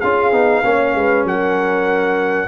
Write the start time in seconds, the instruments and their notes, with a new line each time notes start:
0.00 tuba C#4, trombone F4, horn G#4, trumpet F5
0.32 tuba B3, trombone D#4
0.63 tuba A#3, trombone C#4, horn C#5
0.94 tuba G#3, horn B4
1.23 tuba F#3, horn A#4, trumpet F#5